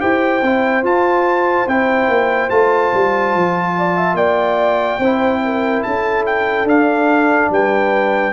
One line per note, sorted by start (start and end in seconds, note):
0.00 0.43 E4
0.00 0.42 G4
0.00 3.76 C5
0.00 0.84 G5
0.43 0.84 C4
0.43 0.84 E4
0.84 1.67 F4
0.84 1.68 F4
0.84 1.69 A5
1.68 2.09 C4
1.68 2.51 E4
1.68 2.50 G5
2.09 2.50 A#3
2.50 2.93 A3
2.50 5.01 F4
2.50 4.16 A5
2.94 3.35 G3
3.35 4.14 F3
3.78 3.97 D5
3.97 4.18 E5
4.14 4.98 A#3
4.14 5.00 D5
4.14 5.83 G5
4.99 5.82 C4
4.99 6.68 E4
4.99 5.42 C5
5.45 5.87 A#4
5.83 6.65 C#4
5.83 7.52 A4
5.83 6.25 A5
6.27 6.68 G5
6.65 7.48 D4
6.65 8.34 D4
6.65 7.52 F5
7.50 8.33 G3
7.50 8.34 B4
7.50 8.34 G5